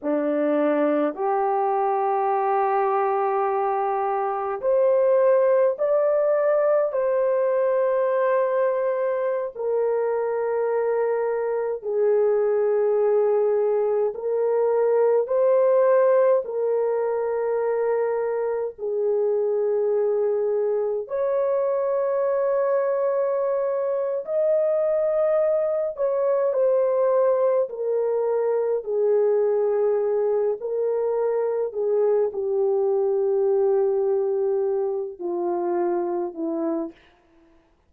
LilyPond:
\new Staff \with { instrumentName = "horn" } { \time 4/4 \tempo 4 = 52 d'4 g'2. | c''4 d''4 c''2~ | c''16 ais'2 gis'4.~ gis'16~ | gis'16 ais'4 c''4 ais'4.~ ais'16~ |
ais'16 gis'2 cis''4.~ cis''16~ | cis''4 dis''4. cis''8 c''4 | ais'4 gis'4. ais'4 gis'8 | g'2~ g'8 f'4 e'8 | }